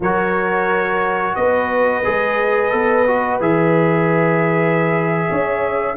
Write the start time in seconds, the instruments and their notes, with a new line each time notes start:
0.00 tuba F#3, trombone F#4, horn A#4, trumpet C#5
1.35 tuba B3, horn B4, trumpet D#5
2.04 tuba G#3, trombone G#4
2.71 tuba B3, trombone A4
3.07 trombone F#4
3.40 tuba E3, trombone G#4, trumpet E5
5.30 tuba C#4, horn C#5